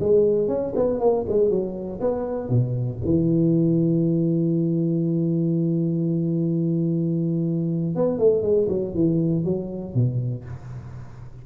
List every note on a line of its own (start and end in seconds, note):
0.00 0.48 G#3
0.48 0.73 C#4
0.75 1.00 B3
1.00 1.25 A#3
1.28 1.49 G#3
1.49 2.00 F#3
2.00 2.49 B3
2.49 2.99 B2
3.04 7.95 E3
7.95 8.19 B3
8.19 8.42 A3
8.42 8.67 G#3
8.69 8.94 F#3
8.94 9.44 E3
9.44 9.94 F#3
9.94 10.44 B2